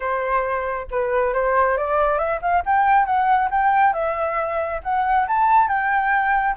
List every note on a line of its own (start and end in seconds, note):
0.00 0.87 C5
0.91 1.33 B4
1.33 1.77 C5
1.77 2.18 D5
2.18 2.40 E5
2.41 2.63 F5
2.65 3.05 G5
3.05 3.49 F#5
3.50 3.93 G5
3.93 4.80 E5
4.83 5.27 F#5
5.27 5.68 A5
5.68 6.55 G5